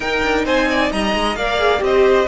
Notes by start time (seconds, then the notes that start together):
0.00 D#4 A#4 G5
0.22 D4
0.45 C4 C5 G#5
0.70 D5
0.91 G3 D#5 A#5
1.14 G#3
1.35 A#3 A#4 D5 F5
1.57 G#4
1.78 C4 G4 D#5
1.85 C5